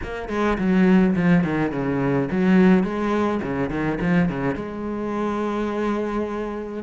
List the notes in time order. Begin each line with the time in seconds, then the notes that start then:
0.03 A#3
0.29 G#3
0.57 F#3
1.15 F3
1.44 D#3
1.71 C#3
2.31 F#3
2.83 G#3
3.42 C#3
3.70 D#3
4.00 F3
4.28 C#3
4.55 G#3